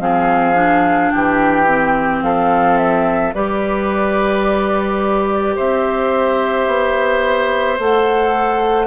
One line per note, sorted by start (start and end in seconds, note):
0.00 1.11 F3
0.00 0.55 C4
0.00 1.13 G#4
0.00 1.11 F5
0.55 1.66 D4
1.11 2.22 E3
1.11 2.24 G4
1.11 2.22 G5
1.67 3.34 C4
2.22 3.33 F3
2.22 3.35 A4
2.22 2.78 F5
2.78 3.34 E5
3.34 5.57 G3
3.34 7.79 G4
3.34 5.56 B4
3.34 5.56 D5
5.56 6.68 C4
5.56 8.87 C5
5.56 7.80 E5
6.68 7.79 B3
7.79 8.87 A3
7.79 8.87 A4
7.79 8.87 F#5